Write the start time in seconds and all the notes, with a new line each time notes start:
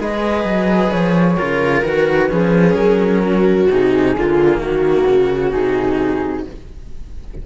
0.00 G#3 G#4 B4 D#5
0.45 F#3
0.91 F3 C#5
1.36 C#3 F4 A#4
1.84 D#3 F#4 B4
2.29 F3 C#4 G#4
2.75 F#3 A#4
3.24 F#4
3.71 C3 D#4 G#4
4.17 D3 A#3 F4
4.58 D#3 F#4
5.08 C#3
5.52 C3 D#4 G#4